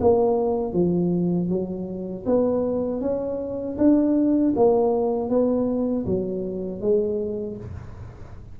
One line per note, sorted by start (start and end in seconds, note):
0.00 0.72 A#3
0.72 1.48 F3
1.48 2.24 F#3
2.25 3.01 B3
3.01 3.77 C#4
3.78 4.54 D4
4.55 5.29 A#3
5.29 6.05 B3
6.06 6.81 F#3
6.81 7.57 G#3